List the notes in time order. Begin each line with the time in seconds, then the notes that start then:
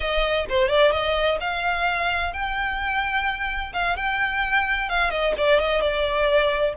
0.00 D#5
0.49 C5
0.68 D5
0.91 D#5
1.40 F5
2.33 G5
3.73 F5
3.96 G5
4.89 F5
5.10 D#5
5.37 D5
5.59 D#5
5.81 D5